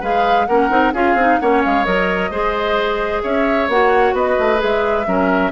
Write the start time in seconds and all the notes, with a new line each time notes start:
0.00 G#3 G#4 B4 F5
0.46 A#3 C#4 A#4 F#5
0.70 C4 D#4
0.93 C#4 F4 G#4 F5
1.14 C4 D#4
1.39 A#3 C#4 C#5 F#5
1.64 G#3 F5
1.85 F#3 A#4 D#5
2.30 G#3 G#4 C5
3.23 C#4 C#5 E5
3.68 A#3 F#4 F#5
4.13 B3 B4 D#5
4.39 A3
4.57 G#4 E5
4.63 G#3
5.06 F#3 C#4 A#4